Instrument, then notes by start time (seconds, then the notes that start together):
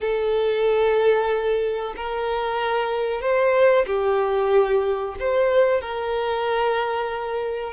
violin
0.00 A4
1.96 A#4
3.21 C5
3.86 G4
5.19 C5
5.81 A#4